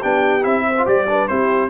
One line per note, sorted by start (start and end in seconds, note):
0.00 0.44 B3
0.00 0.41 D4
0.00 0.63 G4
0.00 0.44 G5
0.41 0.86 C4
0.41 0.72 E4
0.41 0.85 E5
0.66 1.08 C5
0.78 0.85 F4
0.85 1.28 G3
0.85 1.06 G4
0.85 1.28 D5
1.08 1.29 D4
1.08 1.30 B4
1.28 1.69 C4
1.28 1.69 E4
1.28 1.69 G4
1.28 1.69 C5